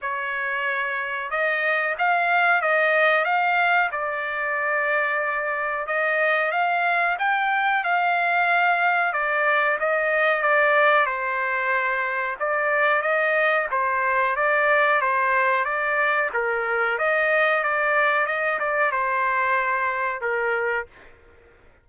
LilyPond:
\new Staff \with { instrumentName = "trumpet" } { \time 4/4 \tempo 4 = 92 cis''2 dis''4 f''4 | dis''4 f''4 d''2~ | d''4 dis''4 f''4 g''4 | f''2 d''4 dis''4 |
d''4 c''2 d''4 | dis''4 c''4 d''4 c''4 | d''4 ais'4 dis''4 d''4 | dis''8 d''8 c''2 ais'4 | }